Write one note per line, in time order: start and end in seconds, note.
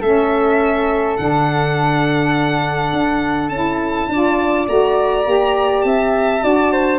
0.00 1.18 A3
0.00 1.18 C#4
0.00 4.08 A4
0.00 1.17 E5
1.17 2.93 D3
1.17 3.51 D4
1.17 3.49 F#5
2.93 3.49 D4
3.49 4.08 C#4
3.49 4.10 E4
3.49 4.66 A5
4.09 4.67 D4
4.09 4.68 F4
4.09 5.86 D5
4.68 5.26 A3
4.68 5.25 F#4
4.68 5.82 A#5
5.25 5.84 A#3
5.25 6.40 G4
5.82 6.42 C4
5.82 6.43 E5
5.82 6.98 A5
6.40 6.99 D4
6.40 6.98 F#4
6.40 6.72 D5
6.72 6.99 C5